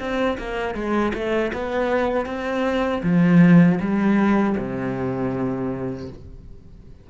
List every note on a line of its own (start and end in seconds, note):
0.00 0.38 C4
0.39 0.75 A#3
0.75 1.13 G#3
1.14 1.52 A3
1.54 2.26 B3
2.26 3.02 C4
3.04 3.80 F3
3.81 4.57 G3
4.58 6.10 C3